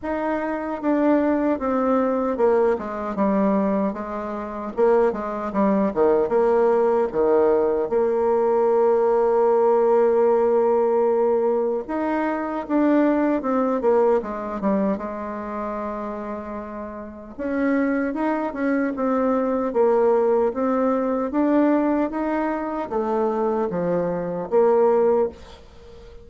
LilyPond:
\new Staff \with { instrumentName = "bassoon" } { \time 4/4 \tempo 4 = 76 dis'4 d'4 c'4 ais8 gis8 | g4 gis4 ais8 gis8 g8 dis8 | ais4 dis4 ais2~ | ais2. dis'4 |
d'4 c'8 ais8 gis8 g8 gis4~ | gis2 cis'4 dis'8 cis'8 | c'4 ais4 c'4 d'4 | dis'4 a4 f4 ais4 | }